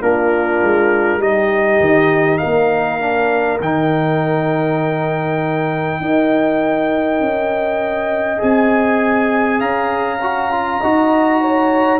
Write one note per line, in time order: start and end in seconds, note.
0.00 0.61 A#3
0.00 1.19 D4
0.00 1.20 F4
0.00 1.22 A#4
0.62 1.17 G#3
1.17 1.77 G3
1.17 2.99 D#4
1.17 2.39 G4
1.17 2.37 D#5
1.79 2.39 D#3
2.37 5.99 A#4
2.37 3.57 F5
2.44 3.60 A#3
2.99 3.59 D4
3.60 6.00 D#3
3.60 6.02 D#4
3.60 8.41 G5
6.00 7.19 D#4
6.00 8.38 A#4
6.00 9.59 D#5
7.19 8.39 C#4
8.38 9.60 C4
8.38 10.18 G#4
8.38 9.60 G#5
9.59 10.80 C#4
9.59 10.79 F5
9.59 11.99 A#5
10.22 10.51 F#4
10.51 10.81 F4
10.80 11.99 D#4
10.80 11.99 F#4
10.80 11.40 D#5
11.40 11.99 C#5